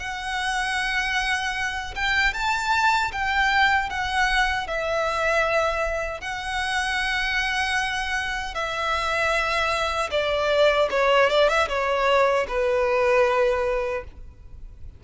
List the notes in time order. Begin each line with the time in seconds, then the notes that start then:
0.00 F#5
1.96 G5
2.34 A5
3.12 G5
3.90 F#5
4.67 E5
6.21 F#5
8.55 E5
10.11 D5
10.91 C#5
11.30 D5
11.49 E5
11.69 C#5
12.49 B4